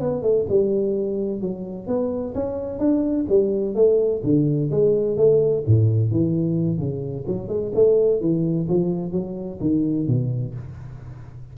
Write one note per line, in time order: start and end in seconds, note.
0.00 0.22 B3
0.22 0.46 A3
0.49 1.41 G3
1.41 1.87 F#3
1.87 2.34 B3
2.35 2.79 C#4
2.79 3.26 D4
3.29 3.75 G3
3.75 4.22 A3
4.24 4.71 D3
4.71 5.17 G#3
5.17 5.64 A3
5.67 6.12 A2
6.12 6.78 E3
6.78 7.25 C#3
7.27 7.48 F#3
7.48 7.72 G#3
7.74 8.20 A3
8.20 8.67 E3
8.68 9.12 F3
9.12 9.59 F#3
9.61 10.07 D#3
10.07 10.54 B2